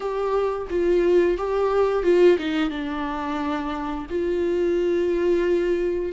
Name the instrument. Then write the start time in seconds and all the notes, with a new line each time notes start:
viola
0.00 G4
0.70 F4
1.37 G4
2.03 F4
2.38 D#4
2.70 D4
4.09 F4